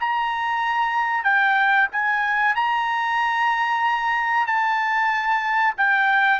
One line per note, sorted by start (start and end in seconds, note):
0.00 1.24 A#5
1.24 1.87 G5
1.92 2.55 G#5
2.55 4.47 A#5
4.47 5.74 A5
5.77 6.39 G5